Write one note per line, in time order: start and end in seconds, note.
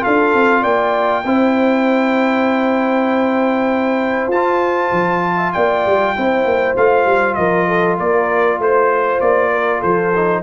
0.00 0.34 D4
0.00 1.22 F4
0.00 0.61 A4
0.00 0.63 F5
0.34 0.64 C4
0.61 1.25 A#3
0.61 1.22 D5
0.61 4.30 G5
1.24 4.27 C4
1.24 4.32 E4
1.24 5.36 C5
4.27 4.88 F4
4.27 5.52 A5
4.34 6.16 F4
4.91 5.53 F3
5.36 5.51 E5
5.52 5.85 A#3
5.52 6.15 D5
5.52 6.75 G5
5.85 6.16 G3
6.16 6.44 C4
6.16 6.77 E4
6.16 7.37 C5
6.44 6.75 A#3
6.76 7.05 A3
6.76 10.13 F4
6.76 7.34 F5
7.05 7.36 G3
7.34 7.98 F3
7.34 7.67 A#4
7.34 7.95 D#5
7.67 7.97 A4
7.97 8.58 A#3
7.97 8.59 A#4
7.97 8.60 D5
8.58 9.20 A3
8.58 9.51 C5
8.58 9.20 C5
9.20 9.82 A#3
9.20 9.82 D5
9.51 9.79 A#4
9.79 10.42 F3
9.79 10.40 A4
9.79 10.42 C5
10.16 10.42 D#4